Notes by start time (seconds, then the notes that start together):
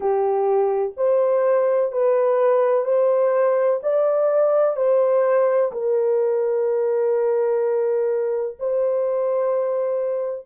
0.00 G4
0.97 C5
1.91 B4
2.84 C5
3.82 D5
4.76 C5
5.71 A#4
8.59 C5